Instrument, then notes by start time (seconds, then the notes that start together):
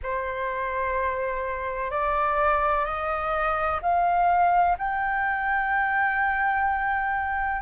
flute
0.03 C5
1.90 D5
2.85 D#5
3.81 F5
4.77 G5